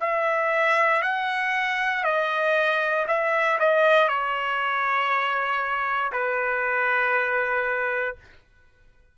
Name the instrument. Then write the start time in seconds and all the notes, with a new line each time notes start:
trumpet
0.00 E5
1.02 F#5
2.04 D#5
3.07 E5
3.59 D#5
4.08 C#5
6.12 B4